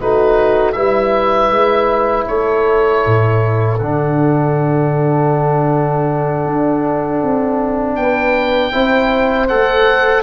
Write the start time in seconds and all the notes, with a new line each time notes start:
0.00 A3 D#4 F#4 B4
0.72 G3 E4 B4 E5
1.49 G#3
2.27 A3 A4 C#5
3.05 A2
3.78 D3 D4 F#5
6.46 D4
7.22 C4
7.95 B3 B4 G5
8.72 C4 E4 C5
9.48 A3 A4 F#5